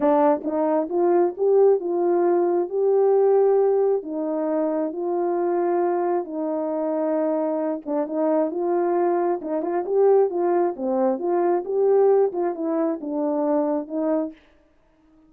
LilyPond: \new Staff \with { instrumentName = "horn" } { \time 4/4 \tempo 4 = 134 d'4 dis'4 f'4 g'4 | f'2 g'2~ | g'4 dis'2 f'4~ | f'2 dis'2~ |
dis'4. d'8 dis'4 f'4~ | f'4 dis'8 f'8 g'4 f'4 | c'4 f'4 g'4. f'8 | e'4 d'2 dis'4 | }